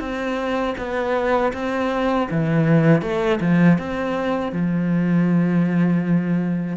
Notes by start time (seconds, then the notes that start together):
0.00 C4
0.78 B3
1.53 C4
2.31 E3
3.02 A3
3.41 F3
3.79 C4
4.53 F3